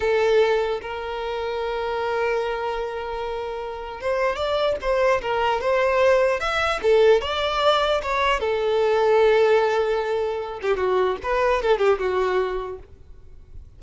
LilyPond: \new Staff \with { instrumentName = "violin" } { \time 4/4 \tempo 4 = 150 a'2 ais'2~ | ais'1~ | ais'2 c''4 d''4 | c''4 ais'4 c''2 |
e''4 a'4 d''2 | cis''4 a'2.~ | a'2~ a'8 g'8 fis'4 | b'4 a'8 g'8 fis'2 | }